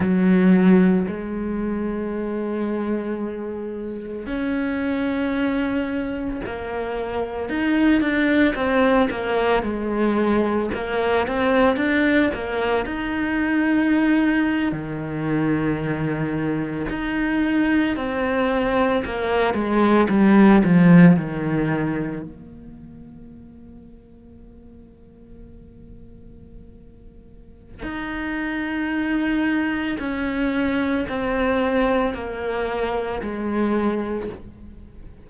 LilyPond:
\new Staff \with { instrumentName = "cello" } { \time 4/4 \tempo 4 = 56 fis4 gis2. | cis'2 ais4 dis'8 d'8 | c'8 ais8 gis4 ais8 c'8 d'8 ais8 | dis'4.~ dis'16 dis2 dis'16~ |
dis'8. c'4 ais8 gis8 g8 f8 dis16~ | dis8. ais2.~ ais16~ | ais2 dis'2 | cis'4 c'4 ais4 gis4 | }